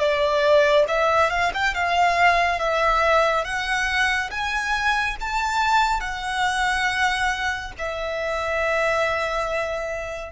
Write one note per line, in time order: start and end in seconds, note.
0.00 0.86 D5
0.88 1.31 E5
1.31 1.52 F5
1.55 1.75 G5
1.75 2.60 F5
2.60 3.45 E5
3.45 4.31 F#5
4.31 5.17 G#5
5.21 6.01 A5
6.01 7.73 F#5
7.79 10.33 E5